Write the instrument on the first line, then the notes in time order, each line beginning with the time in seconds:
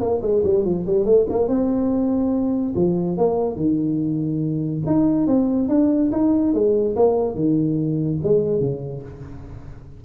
tuba
0.00 A#3
0.22 G#3
0.44 G3
0.65 F3
0.86 G3
1.05 A3
1.29 A#3
1.48 C4
2.75 F3
3.17 A#3
3.56 D#3
4.86 D#4
5.27 C4
5.69 D4
6.12 D#4
6.54 G#3
6.96 A#3
7.35 D#3
8.23 G#3
8.60 C#3